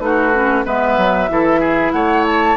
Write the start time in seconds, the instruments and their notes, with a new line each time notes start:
0.00 bassoon A3, clarinet D#4, oboe F#4, flute B4
0.34 clarinet C#4
0.65 bassoon G#3, clarinet B3, oboe B4, flute E5
0.98 bassoon F#3
1.29 bassoon E3, clarinet E4, oboe A4
1.60 oboe G#4
1.92 bassoon A3, oboe C#5, flute F#5
2.26 flute A5